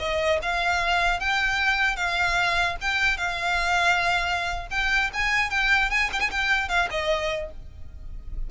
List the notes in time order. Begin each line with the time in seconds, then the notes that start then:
0.00 D#5
0.43 F5
1.20 G5
1.97 F5
2.81 G5
3.18 F5
4.71 G5
5.14 G#5
5.51 G5
5.91 G#5
6.13 G5
6.21 G#5
6.31 G5
6.69 F5
6.91 D#5